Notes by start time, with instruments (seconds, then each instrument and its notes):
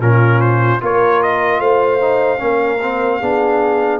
0.00 tuba A#2, trombone C#4, horn F4, trumpet A#4
0.41 trumpet C5
0.81 tuba A#3, trombone F4, horn A#4, trumpet C#5
1.23 trumpet D#5
1.60 tuba A3, horn C5, trumpet F5
2.01 trombone D#4
2.39 tuba A#3, trombone C#4, horn A#4
2.82 trombone C4
3.20 tuba B3, trombone D4, horn G#4